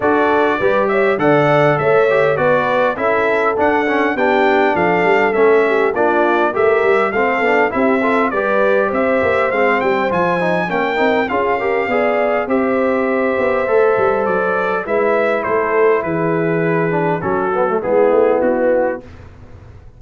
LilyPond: <<
  \new Staff \with { instrumentName = "trumpet" } { \time 4/4 \tempo 4 = 101 d''4. e''8 fis''4 e''4 | d''4 e''4 fis''4 g''4 | f''4 e''4 d''4 e''4 | f''4 e''4 d''4 e''4 |
f''8 g''8 gis''4 g''4 f''4~ | f''4 e''2. | d''4 e''4 c''4 b'4~ | b'4 a'4 gis'4 fis'4 | }
  \new Staff \with { instrumentName = "horn" } { \time 4/4 a'4 b'8 cis''8 d''4 cis''4 | b'4 a'2 g'4 | a'4. g'8 f'4 ais'4 | a'4 g'8 a'8 b'4 c''4~ |
c''2 ais'4 gis'8 ais'8 | d''4 c''2.~ | c''4 b'4 a'4 gis'4~ | gis'4 fis'4 e'2 | }
  \new Staff \with { instrumentName = "trombone" } { \time 4/4 fis'4 g'4 a'4. g'8 | fis'4 e'4 d'8 cis'8 d'4~ | d'4 cis'4 d'4 g'4 | c'8 d'8 e'8 f'8 g'2 |
c'4 f'8 dis'8 cis'8 dis'8 f'8 g'8 | gis'4 g'2 a'4~ | a'4 e'2.~ | e'8 d'8 cis'8 b16 a16 b2 | }
  \new Staff \with { instrumentName = "tuba" } { \time 4/4 d'4 g4 d4 a4 | b4 cis'4 d'4 b4 | f8 g8 a4 ais4 a8 g8 | a8 b8 c'4 g4 c'8 ais8 |
gis8 g8 f4 ais8 c'8 cis'4 | b4 c'4. b8 a8 g8 | fis4 gis4 a4 e4~ | e4 fis4 gis8 a8 b4 | }
>>